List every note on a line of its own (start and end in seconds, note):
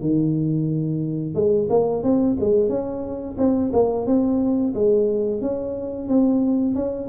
0.00 1.35 D#3
1.35 1.68 G#3
1.69 2.03 A#3
2.03 2.37 C4
2.40 2.69 G#3
2.69 3.36 C#4
3.38 3.71 C4
3.73 4.06 A#3
4.06 4.74 C4
4.74 5.41 G#3
5.41 6.08 C#4
6.08 6.75 C4
6.75 7.08 C#4